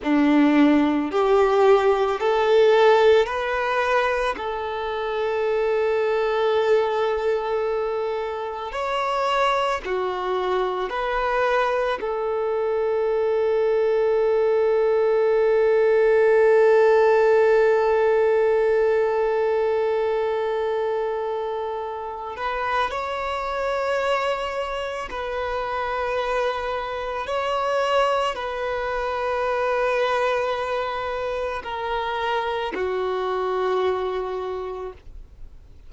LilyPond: \new Staff \with { instrumentName = "violin" } { \time 4/4 \tempo 4 = 55 d'4 g'4 a'4 b'4 | a'1 | cis''4 fis'4 b'4 a'4~ | a'1~ |
a'1~ | a'8 b'8 cis''2 b'4~ | b'4 cis''4 b'2~ | b'4 ais'4 fis'2 | }